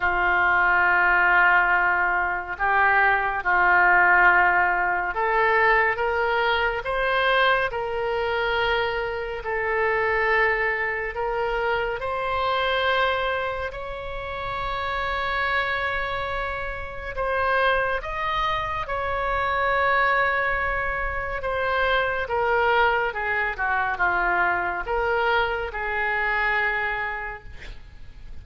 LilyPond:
\new Staff \with { instrumentName = "oboe" } { \time 4/4 \tempo 4 = 70 f'2. g'4 | f'2 a'4 ais'4 | c''4 ais'2 a'4~ | a'4 ais'4 c''2 |
cis''1 | c''4 dis''4 cis''2~ | cis''4 c''4 ais'4 gis'8 fis'8 | f'4 ais'4 gis'2 | }